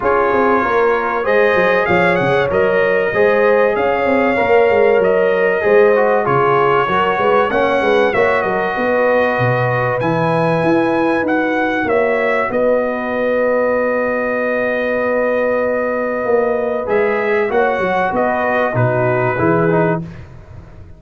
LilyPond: <<
  \new Staff \with { instrumentName = "trumpet" } { \time 4/4 \tempo 4 = 96 cis''2 dis''4 f''8 fis''8 | dis''2 f''2 | dis''2 cis''2 | fis''4 e''8 dis''2~ dis''8 |
gis''2 fis''4 e''4 | dis''1~ | dis''2. e''4 | fis''4 dis''4 b'2 | }
  \new Staff \with { instrumentName = "horn" } { \time 4/4 gis'4 ais'4 c''4 cis''4~ | cis''4 c''4 cis''2~ | cis''4 c''4 gis'4 ais'8 b'8 | cis''8 b'8 cis''8 ais'8 b'2~ |
b'2. cis''4 | b'1~ | b'1 | cis''4 b'4 fis'4 gis'4 | }
  \new Staff \with { instrumentName = "trombone" } { \time 4/4 f'2 gis'2 | ais'4 gis'2 ais'4~ | ais'4 gis'8 fis'8 f'4 fis'4 | cis'4 fis'2. |
e'2 fis'2~ | fis'1~ | fis'2. gis'4 | fis'2 dis'4 e'8 dis'8 | }
  \new Staff \with { instrumentName = "tuba" } { \time 4/4 cis'8 c'8 ais4 gis8 fis8 f8 cis8 | fis4 gis4 cis'8 c'8 ais8 gis8 | fis4 gis4 cis4 fis8 gis8 | ais8 gis8 ais8 fis8 b4 b,4 |
e4 e'4 dis'4 ais4 | b1~ | b2 ais4 gis4 | ais8 fis8 b4 b,4 e4 | }
>>